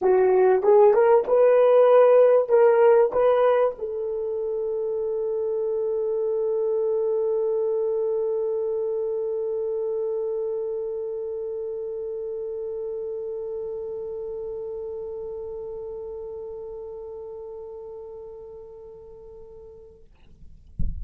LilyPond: \new Staff \with { instrumentName = "horn" } { \time 4/4 \tempo 4 = 96 fis'4 gis'8 ais'8 b'2 | ais'4 b'4 a'2~ | a'1~ | a'1~ |
a'1~ | a'1~ | a'1~ | a'1 | }